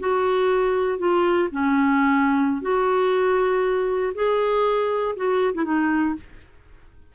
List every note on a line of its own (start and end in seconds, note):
0.00 0.99 F#4
0.99 1.49 F4
1.51 2.62 C#4
2.62 4.13 F#4
4.14 5.15 G#4
5.16 5.54 F#4
5.54 5.65 E4
5.65 6.15 D#4